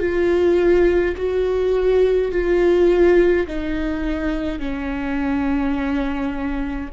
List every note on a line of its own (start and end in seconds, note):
0.00 1.15 F4
1.16 2.31 F#4
2.31 3.47 F4
3.47 4.59 D#4
4.59 6.90 C#4